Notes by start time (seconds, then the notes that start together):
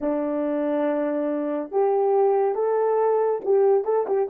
0.00 D4
1.71 G4
2.54 A4
3.44 G4
3.84 A4
4.06 G4